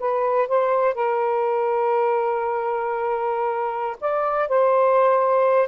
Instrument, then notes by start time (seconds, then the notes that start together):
saxophone
0.00 B4
0.49 C5
0.95 A#4
4.01 D5
4.49 C5